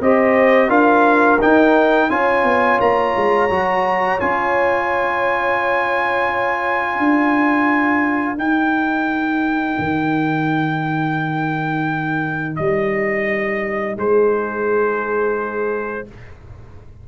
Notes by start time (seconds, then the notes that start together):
0.00 C4 G4 C5 D#5
0.68 D4 F4 A#4 F5
1.40 D#4 G5
2.09 C#4 F4 C#5 G#5
2.43 B3
2.79 A#3 A#5
3.16 G#3
3.49 F#3 F#4
4.19 C#4 F4 G#5
6.98 D4 A#4
8.37 D#4 G5
9.78 D#3
12.55 G3 D#5
13.96 G#3 G#4 C5